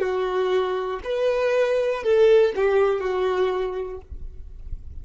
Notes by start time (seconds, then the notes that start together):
0.00 F#4
1.05 B4
2.04 A4
2.56 G4
3.00 F#4